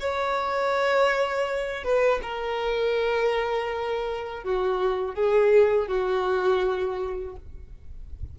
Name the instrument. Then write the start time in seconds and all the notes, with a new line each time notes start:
violin
0.00 C#5
1.84 B4
2.22 A#4
4.44 F#4
5.15 G#4
5.88 F#4